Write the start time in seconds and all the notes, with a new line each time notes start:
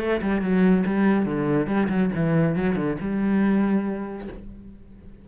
0.00 A3
0.22 G3
0.42 F#3
0.86 G3
1.25 D3
1.67 G3
1.89 F#3
2.15 E3
2.56 F#3
2.76 D3
3.01 G3